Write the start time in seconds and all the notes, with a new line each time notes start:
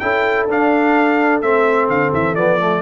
0.00 C#4 E4 A4 G5
0.48 D4 F5
1.42 A3 C4 E5
1.89 D3 F5
2.13 E3 E5
2.36 F3 B3 D5
2.60 A3